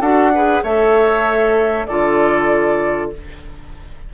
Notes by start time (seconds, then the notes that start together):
0.00 D4 F#4 A4 F#5
0.34 G#4 B4
0.63 A3 A4 C#5 E5
1.86 D3 F4 A4 D5